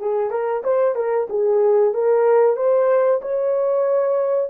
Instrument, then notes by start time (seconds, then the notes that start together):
horn
0.00 G#4
0.31 A#4
0.64 C5
0.96 A#4
1.30 G#4
1.95 A#4
2.57 C5
3.22 C#5